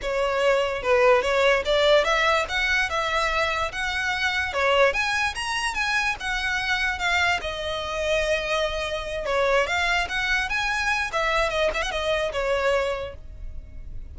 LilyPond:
\new Staff \with { instrumentName = "violin" } { \time 4/4 \tempo 4 = 146 cis''2 b'4 cis''4 | d''4 e''4 fis''4 e''4~ | e''4 fis''2 cis''4 | gis''4 ais''4 gis''4 fis''4~ |
fis''4 f''4 dis''2~ | dis''2~ dis''8 cis''4 f''8~ | f''8 fis''4 gis''4. e''4 | dis''8 e''16 fis''16 dis''4 cis''2 | }